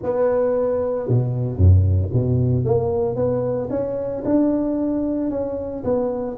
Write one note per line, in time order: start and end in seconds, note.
0.02 1.08 B3
1.08 1.57 B2
1.57 2.10 F#2
2.12 2.65 B2
2.65 3.15 A#3
3.15 3.69 B3
3.70 4.23 C#4
4.24 5.30 D4
5.30 5.83 C#4
5.84 6.37 B3